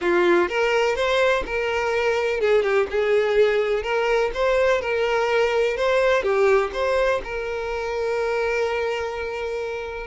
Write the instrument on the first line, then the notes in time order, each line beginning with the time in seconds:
violin
0.01 F4
0.48 A#4
0.95 C5
1.45 A#4
2.40 G#4
2.62 G4
2.90 G#4
3.82 A#4
4.34 C5
4.81 A#4
5.76 C5
6.22 G4
6.73 C5
7.23 A#4